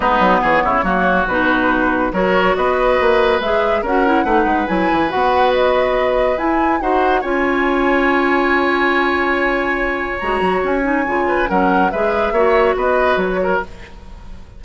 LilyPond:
<<
  \new Staff \with { instrumentName = "flute" } { \time 4/4 \tempo 4 = 141 b'4 cis''2 b'4~ | b'4 cis''4 dis''2 | e''4 fis''2 gis''4 | fis''4 dis''2 gis''4 |
fis''4 gis''2.~ | gis''1 | ais''4 gis''2 fis''4 | e''2 dis''4 cis''4 | }
  \new Staff \with { instrumentName = "oboe" } { \time 4/4 dis'4 gis'8 e'8 fis'2~ | fis'4 ais'4 b'2~ | b'4 ais'4 b'2~ | b'1 |
c''4 cis''2.~ | cis''1~ | cis''2~ cis''8 b'8 ais'4 | b'4 cis''4 b'4. ais'8 | }
  \new Staff \with { instrumentName = "clarinet" } { \time 4/4 b2 ais4 dis'4~ | dis'4 fis'2. | gis'4 fis'8 e'8 dis'4 e'4 | fis'2. e'4 |
fis'4 f'2.~ | f'1 | fis'4. dis'8 f'4 cis'4 | gis'4 fis'2. | }
  \new Staff \with { instrumentName = "bassoon" } { \time 4/4 gis8 fis8 e8 cis8 fis4 b,4~ | b,4 fis4 b4 ais4 | gis4 cis'4 a8 gis8 fis8 e8 | b2. e'4 |
dis'4 cis'2.~ | cis'1 | gis8 fis8 cis'4 cis4 fis4 | gis4 ais4 b4 fis4 | }
>>